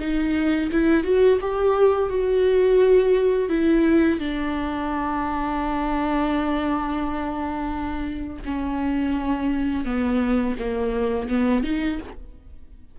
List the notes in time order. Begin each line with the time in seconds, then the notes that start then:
0.00 D#4
0.72 E4
1.04 F#4
1.42 G4
2.10 F#4
3.49 E4
4.20 D4
8.46 C#4
9.86 B3
10.59 A#3
11.29 B3
11.64 D#4